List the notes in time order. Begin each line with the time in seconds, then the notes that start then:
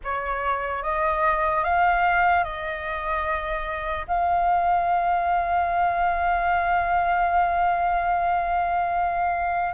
0.04 C#5
0.83 D#5
1.64 F5
2.44 D#5
4.07 F5